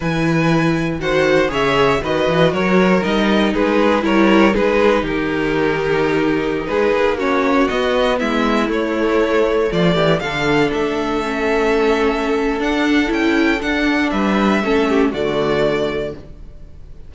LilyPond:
<<
  \new Staff \with { instrumentName = "violin" } { \time 4/4 \tempo 4 = 119 gis''2 fis''4 e''4 | dis''4 cis''4 dis''4 b'4 | cis''4 b'4 ais'2~ | ais'4~ ais'16 b'4 cis''4 dis''8.~ |
dis''16 e''4 cis''2 d''8.~ | d''16 f''4 e''2~ e''8.~ | e''4 fis''4 g''4 fis''4 | e''2 d''2 | }
  \new Staff \with { instrumentName = "violin" } { \time 4/4 b'2 c''4 cis''4 | b'4 ais'2 gis'4 | ais'4 gis'4 g'2~ | g'4~ g'16 gis'4 fis'4.~ fis'16~ |
fis'16 e'2. f'8 g'16~ | g'16 a'2.~ a'8.~ | a'1 | b'4 a'8 g'8 fis'2 | }
  \new Staff \with { instrumentName = "viola" } { \time 4/4 e'2 fis'4 gis'4 | fis'2 dis'2 | e'4 dis'2.~ | dis'2~ dis'16 cis'4 b8.~ |
b4~ b16 a2~ a8.~ | a16 d'2 cis'4.~ cis'16~ | cis'4 d'4 e'4 d'4~ | d'4 cis'4 a2 | }
  \new Staff \with { instrumentName = "cello" } { \time 4/4 e2 dis4 cis4 | dis8 e8 fis4 g4 gis4 | g4 gis4 dis2~ | dis4~ dis16 gis8 ais4. b8.~ |
b16 gis4 a2 f8 e16~ | e16 d4 a2~ a8.~ | a4 d'4 cis'4 d'4 | g4 a4 d2 | }
>>